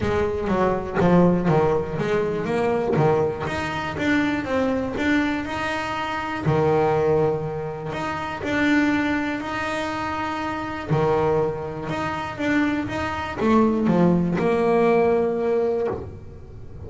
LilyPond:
\new Staff \with { instrumentName = "double bass" } { \time 4/4 \tempo 4 = 121 gis4 fis4 f4 dis4 | gis4 ais4 dis4 dis'4 | d'4 c'4 d'4 dis'4~ | dis'4 dis2. |
dis'4 d'2 dis'4~ | dis'2 dis2 | dis'4 d'4 dis'4 a4 | f4 ais2. | }